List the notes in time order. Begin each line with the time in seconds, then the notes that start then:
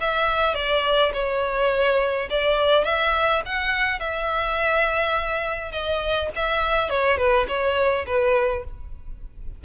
0.00 E5
0.54 D5
1.13 C#5
2.29 D5
2.84 E5
3.45 F#5
3.99 E5
5.71 D#5
6.35 E5
6.89 C#5
7.17 B4
7.48 C#5
8.06 B4